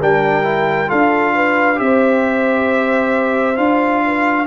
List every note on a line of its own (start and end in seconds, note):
0.00 0.91 G3
0.00 0.43 D4
0.00 0.89 A#4
0.00 0.90 G5
0.43 0.88 E4
0.88 1.80 D4
0.88 1.76 F4
0.88 1.34 A4
0.88 1.79 F5
1.36 1.80 B4
1.76 3.58 C4
1.76 3.55 G4
1.76 3.57 E5
1.84 4.06 C5
3.56 4.47 D4
3.56 4.46 F4
3.56 4.47 F5
4.06 4.48 B4